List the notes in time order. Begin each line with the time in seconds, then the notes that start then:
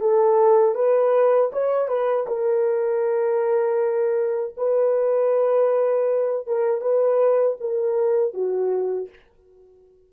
0.00 A4
0.75 B4
1.52 C#5
1.88 B4
2.27 A#4
4.57 B4
6.46 A#4
6.80 B4
7.60 A#4
8.33 F#4